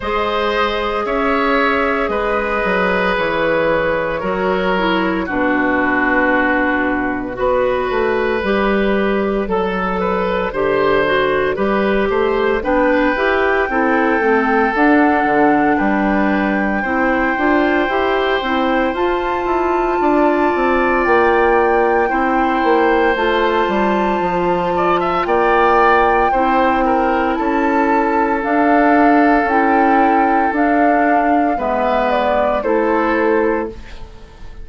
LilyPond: <<
  \new Staff \with { instrumentName = "flute" } { \time 4/4 \tempo 4 = 57 dis''4 e''4 dis''4 cis''4~ | cis''4 b'2 d''4~ | d''1 | g''2 fis''4 g''4~ |
g''2 a''2 | g''2 a''2 | g''2 a''4 f''4 | g''4 f''4 e''8 d''8 c''4 | }
  \new Staff \with { instrumentName = "oboe" } { \time 4/4 c''4 cis''4 b'2 | ais'4 fis'2 b'4~ | b'4 a'8 b'8 c''4 b'8 c''8 | b'4 a'2 b'4 |
c''2. d''4~ | d''4 c''2~ c''8 d''16 e''16 | d''4 c''8 ais'8 a'2~ | a'2 b'4 a'4 | }
  \new Staff \with { instrumentName = "clarinet" } { \time 4/4 gis'1 | fis'8 e'8 d'2 fis'4 | g'4 a'4 g'8 fis'8 g'4 | d'8 g'8 e'8 c'8 d'2 |
e'8 f'8 g'8 e'8 f'2~ | f'4 e'4 f'2~ | f'4 e'2 d'4 | e'4 d'4 b4 e'4 | }
  \new Staff \with { instrumentName = "bassoon" } { \time 4/4 gis4 cis'4 gis8 fis8 e4 | fis4 b,2 b8 a8 | g4 fis4 d4 g8 a8 | b8 e'8 c'8 a8 d'8 d8 g4 |
c'8 d'8 e'8 c'8 f'8 e'8 d'8 c'8 | ais4 c'8 ais8 a8 g8 f4 | ais4 c'4 cis'4 d'4 | cis'4 d'4 gis4 a4 | }
>>